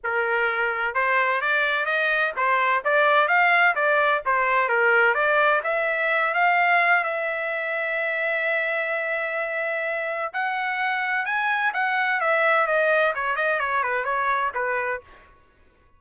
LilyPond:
\new Staff \with { instrumentName = "trumpet" } { \time 4/4 \tempo 4 = 128 ais'2 c''4 d''4 | dis''4 c''4 d''4 f''4 | d''4 c''4 ais'4 d''4 | e''4. f''4. e''4~ |
e''1~ | e''2 fis''2 | gis''4 fis''4 e''4 dis''4 | cis''8 dis''8 cis''8 b'8 cis''4 b'4 | }